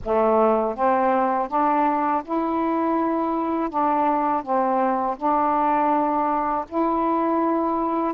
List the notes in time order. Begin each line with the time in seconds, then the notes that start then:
0.04 A3
0.75 C4
1.48 D4
2.24 E4
3.69 D4
4.42 C4
5.17 D4
6.68 E4